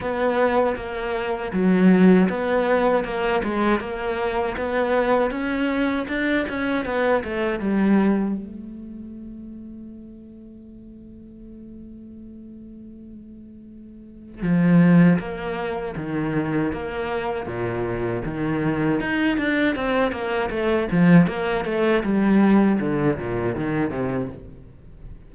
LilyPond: \new Staff \with { instrumentName = "cello" } { \time 4/4 \tempo 4 = 79 b4 ais4 fis4 b4 | ais8 gis8 ais4 b4 cis'4 | d'8 cis'8 b8 a8 g4 a4~ | a1~ |
a2. f4 | ais4 dis4 ais4 ais,4 | dis4 dis'8 d'8 c'8 ais8 a8 f8 | ais8 a8 g4 d8 ais,8 dis8 c8 | }